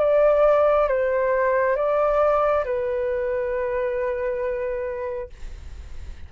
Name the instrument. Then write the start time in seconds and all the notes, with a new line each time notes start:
flute
0.00 D5
0.89 C5
1.76 D5
2.65 B4